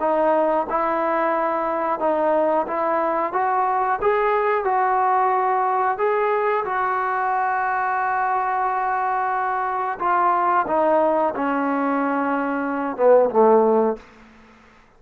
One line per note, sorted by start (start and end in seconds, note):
0.00 0.67 D#4
0.70 2.00 E4
2.00 2.66 D#4
2.67 3.33 E4
3.33 4.00 F#4
4.02 4.65 G#4
4.65 5.98 F#4
5.98 6.65 G#4
6.65 9.98 F#4
9.99 10.66 F4
10.67 11.34 D#4
11.35 12.96 C#4
12.96 13.30 B3
13.30 13.97 A3